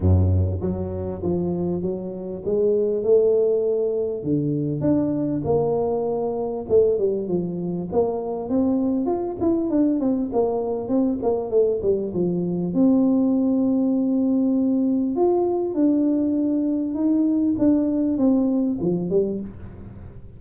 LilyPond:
\new Staff \with { instrumentName = "tuba" } { \time 4/4 \tempo 4 = 99 fis,4 fis4 f4 fis4 | gis4 a2 d4 | d'4 ais2 a8 g8 | f4 ais4 c'4 f'8 e'8 |
d'8 c'8 ais4 c'8 ais8 a8 g8 | f4 c'2.~ | c'4 f'4 d'2 | dis'4 d'4 c'4 f8 g8 | }